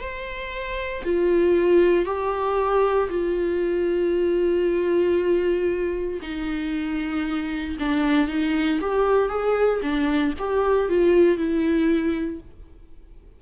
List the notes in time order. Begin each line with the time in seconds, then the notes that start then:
0.00 C5
1.03 F4
2.05 G4
3.09 F4
6.22 D#4
7.79 D4
8.28 D#4
8.81 G4
9.28 G#4
9.82 D4
10.38 G4
10.89 F4
11.37 E4